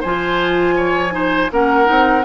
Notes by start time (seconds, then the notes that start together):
0.00 F3 F4 C5 G#5
0.76 C#5
1.10 D#4 C5
1.51 A#3 C#4 A#4 F#5
1.84 C4 D#4